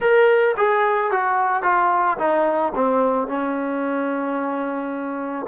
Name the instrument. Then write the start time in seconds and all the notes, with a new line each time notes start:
trombone
0.00 A#4
0.57 G#4
1.11 F#4
1.63 F4
2.18 D#4
2.75 C4
3.27 C#4